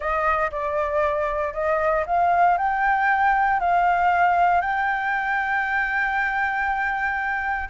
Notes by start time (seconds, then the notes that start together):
0.00 D#5
0.51 D5
1.53 D#5
2.06 F5
2.57 G5
3.59 F5
4.61 G5